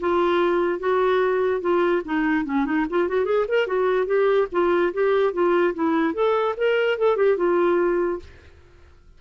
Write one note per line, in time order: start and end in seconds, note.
0.00 0.79 F4
0.79 1.61 F#4
1.61 2.02 F4
2.05 2.45 D#4
2.45 2.65 C#4
2.65 2.86 D#4
2.90 3.08 F4
3.08 3.25 F#4
3.25 3.46 G#4
3.48 3.67 A#4
3.67 4.06 F#4
4.06 4.47 G4
4.52 4.93 F4
4.93 5.33 G4
5.33 5.74 F4
5.74 6.14 E4
6.14 6.55 A4
6.57 6.98 A#4
6.98 7.17 A4
7.17 7.37 G4
7.37 8.19 F4